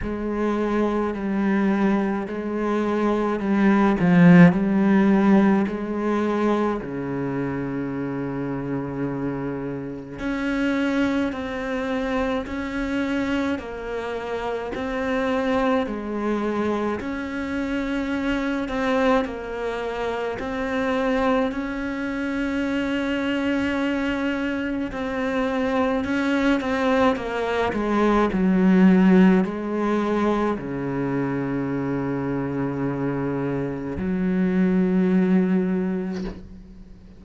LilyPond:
\new Staff \with { instrumentName = "cello" } { \time 4/4 \tempo 4 = 53 gis4 g4 gis4 g8 f8 | g4 gis4 cis2~ | cis4 cis'4 c'4 cis'4 | ais4 c'4 gis4 cis'4~ |
cis'8 c'8 ais4 c'4 cis'4~ | cis'2 c'4 cis'8 c'8 | ais8 gis8 fis4 gis4 cis4~ | cis2 fis2 | }